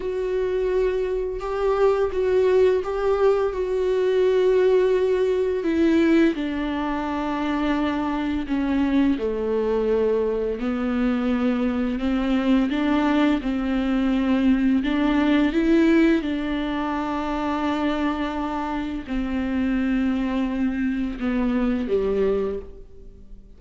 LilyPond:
\new Staff \with { instrumentName = "viola" } { \time 4/4 \tempo 4 = 85 fis'2 g'4 fis'4 | g'4 fis'2. | e'4 d'2. | cis'4 a2 b4~ |
b4 c'4 d'4 c'4~ | c'4 d'4 e'4 d'4~ | d'2. c'4~ | c'2 b4 g4 | }